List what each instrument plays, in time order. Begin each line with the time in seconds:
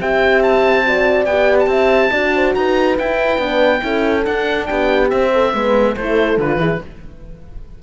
0.00 cello C4, horn G4 E5, oboe G5
0.43 oboe A5
0.85 horn F#4 D5
1.26 cello B3, horn G4, oboe G5
1.60 oboe A5
1.67 cello C4, horn E5
2.11 cello D4, horn F#4 D5
2.35 horn C5
2.55 cello D#4, horn B4, oboe A#5
2.97 horn E4, cello E4, oboe G5
3.38 cello B3, horn D4
3.79 cello C#4, horn E4 A4
4.25 horn D4, cello D4, oboe F#5
4.66 cello B3, horn G4, oboe G5
5.09 horn C4, cello C4, oboe E5
5.33 horn A4
5.53 cello G#3, horn B3 B4
5.96 cello A3, horn E4 A4, oboe C5
6.38 cello D3, horn F4, oboe B4
6.56 cello E3, horn E4 G#4